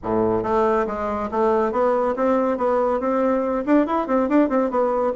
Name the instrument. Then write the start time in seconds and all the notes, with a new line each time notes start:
bassoon
0.03 A2
0.43 A3
0.86 G#3
1.31 A3
1.71 B3
2.16 C4
2.57 B3
3.00 C4
3.65 D4
3.86 E4
4.07 C4
4.28 D4
4.49 C4
4.70 B3